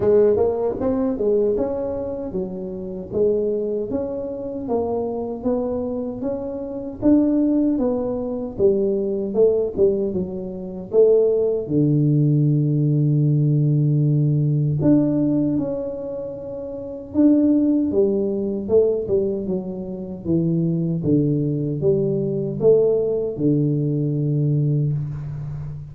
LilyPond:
\new Staff \with { instrumentName = "tuba" } { \time 4/4 \tempo 4 = 77 gis8 ais8 c'8 gis8 cis'4 fis4 | gis4 cis'4 ais4 b4 | cis'4 d'4 b4 g4 | a8 g8 fis4 a4 d4~ |
d2. d'4 | cis'2 d'4 g4 | a8 g8 fis4 e4 d4 | g4 a4 d2 | }